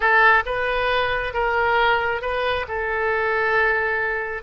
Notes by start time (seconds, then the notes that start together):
0.00 A4
0.45 B4
1.33 A#4
2.21 B4
2.68 A4